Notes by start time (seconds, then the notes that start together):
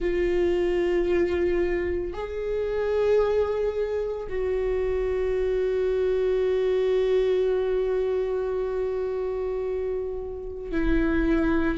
0.00 F4
2.13 G#4
4.29 F#4
10.71 E4